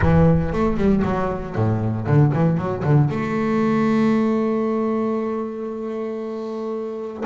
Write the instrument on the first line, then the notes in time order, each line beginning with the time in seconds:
double bass
0.01 E3
0.52 A3
0.77 G3
1.04 F#3
1.55 A2
2.06 D3
2.33 E3
2.57 F#3
2.83 D3
3.10 A3